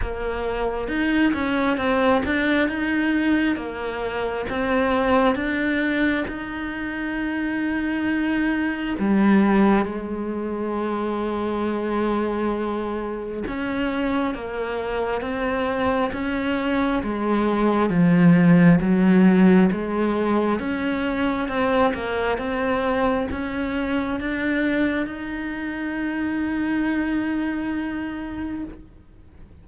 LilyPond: \new Staff \with { instrumentName = "cello" } { \time 4/4 \tempo 4 = 67 ais4 dis'8 cis'8 c'8 d'8 dis'4 | ais4 c'4 d'4 dis'4~ | dis'2 g4 gis4~ | gis2. cis'4 |
ais4 c'4 cis'4 gis4 | f4 fis4 gis4 cis'4 | c'8 ais8 c'4 cis'4 d'4 | dis'1 | }